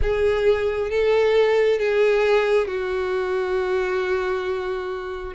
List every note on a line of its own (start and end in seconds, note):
0.02 0.90 G#4
0.90 1.79 A4
1.79 2.67 G#4
2.67 5.34 F#4